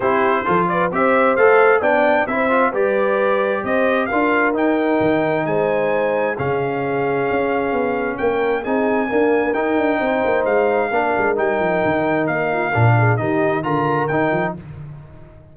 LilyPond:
<<
  \new Staff \with { instrumentName = "trumpet" } { \time 4/4 \tempo 4 = 132 c''4. d''8 e''4 f''4 | g''4 e''4 d''2 | dis''4 f''4 g''2 | gis''2 f''2~ |
f''2 g''4 gis''4~ | gis''4 g''2 f''4~ | f''4 g''2 f''4~ | f''4 dis''4 ais''4 g''4 | }
  \new Staff \with { instrumentName = "horn" } { \time 4/4 g'4 a'8 b'8 c''2 | d''4 c''4 b'2 | c''4 ais'2. | c''2 gis'2~ |
gis'2 ais'4 gis'4 | ais'2 c''2 | ais'2.~ ais'8 f'8 | ais'8 gis'8 g'4 ais'2 | }
  \new Staff \with { instrumentName = "trombone" } { \time 4/4 e'4 f'4 g'4 a'4 | d'4 e'8 f'8 g'2~ | g'4 f'4 dis'2~ | dis'2 cis'2~ |
cis'2. dis'4 | ais4 dis'2. | d'4 dis'2. | d'4 dis'4 f'4 dis'4 | }
  \new Staff \with { instrumentName = "tuba" } { \time 4/4 c'4 f4 c'4 a4 | b4 c'4 g2 | c'4 d'4 dis'4 dis4 | gis2 cis2 |
cis'4 b4 ais4 c'4 | d'4 dis'8 d'8 c'8 ais8 gis4 | ais8 gis8 g8 f8 dis4 ais4 | ais,4 dis4 d4 dis8 f8 | }
>>